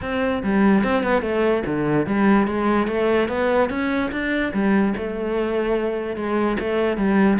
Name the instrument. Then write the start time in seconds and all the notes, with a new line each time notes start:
cello
0.01 C4
0.43 G3
0.83 C4
1.03 B3
1.22 A3
1.66 D3
2.06 G3
2.47 G#3
2.87 A3
3.28 B3
3.69 C#4
4.11 D4
4.53 G3
4.97 A3
6.16 G#3
6.59 A3
6.97 G3